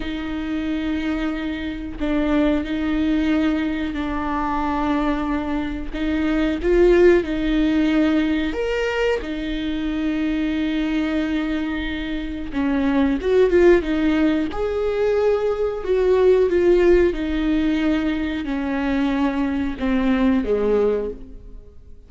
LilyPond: \new Staff \with { instrumentName = "viola" } { \time 4/4 \tempo 4 = 91 dis'2. d'4 | dis'2 d'2~ | d'4 dis'4 f'4 dis'4~ | dis'4 ais'4 dis'2~ |
dis'2. cis'4 | fis'8 f'8 dis'4 gis'2 | fis'4 f'4 dis'2 | cis'2 c'4 gis4 | }